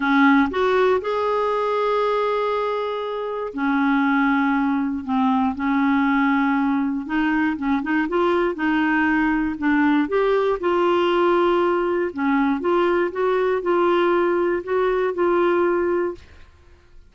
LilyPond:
\new Staff \with { instrumentName = "clarinet" } { \time 4/4 \tempo 4 = 119 cis'4 fis'4 gis'2~ | gis'2. cis'4~ | cis'2 c'4 cis'4~ | cis'2 dis'4 cis'8 dis'8 |
f'4 dis'2 d'4 | g'4 f'2. | cis'4 f'4 fis'4 f'4~ | f'4 fis'4 f'2 | }